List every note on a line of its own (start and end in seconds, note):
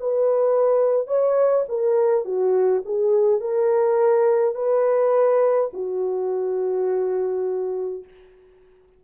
0.00 1.08 B4
1.08 1.65 C#5
1.68 2.25 A#4
2.25 2.83 F#4
2.85 3.40 G#4
3.40 4.55 A#4
4.55 5.71 B4
5.74 8.05 F#4